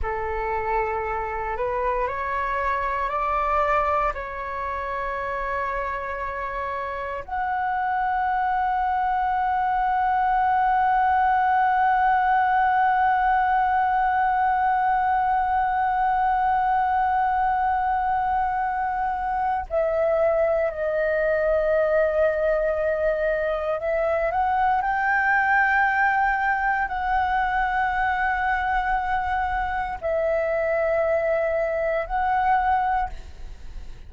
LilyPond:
\new Staff \with { instrumentName = "flute" } { \time 4/4 \tempo 4 = 58 a'4. b'8 cis''4 d''4 | cis''2. fis''4~ | fis''1~ | fis''1~ |
fis''2. e''4 | dis''2. e''8 fis''8 | g''2 fis''2~ | fis''4 e''2 fis''4 | }